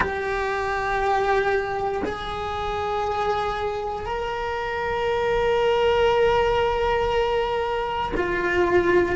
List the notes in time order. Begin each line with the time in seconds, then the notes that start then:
0.00 G4
2.04 G#4
4.05 A#4
8.16 F4